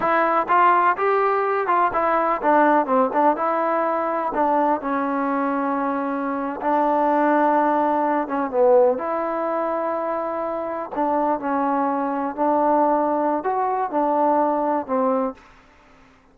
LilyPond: \new Staff \with { instrumentName = "trombone" } { \time 4/4 \tempo 4 = 125 e'4 f'4 g'4. f'8 | e'4 d'4 c'8 d'8 e'4~ | e'4 d'4 cis'2~ | cis'4.~ cis'16 d'2~ d'16~ |
d'4~ d'16 cis'8 b4 e'4~ e'16~ | e'2~ e'8. d'4 cis'16~ | cis'4.~ cis'16 d'2~ d'16 | fis'4 d'2 c'4 | }